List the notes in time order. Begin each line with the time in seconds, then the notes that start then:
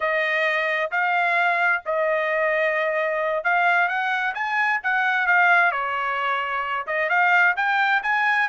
0.00 D#5
0.91 F5
1.85 D#5
3.44 F5
3.88 F#5
4.34 G#5
4.83 F#5
5.27 F5
5.71 C#5
6.86 D#5
7.09 F5
7.56 G5
8.02 G#5